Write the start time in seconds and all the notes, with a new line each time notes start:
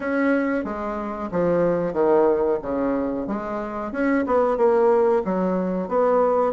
0.00 C#4
0.64 G#3
1.31 F3
1.93 D#3
2.62 C#3
3.27 G#3
3.92 C#4
4.26 B3
4.57 A#3
5.25 F#3
5.88 B3